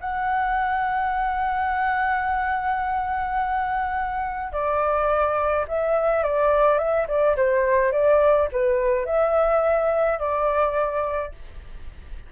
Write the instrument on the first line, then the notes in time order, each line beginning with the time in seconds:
flute
0.00 F#5
4.52 D5
5.68 E5
6.23 D5
6.78 E5
7.07 D5
7.36 C5
7.91 D5
8.52 B4
9.05 E5
10.19 D5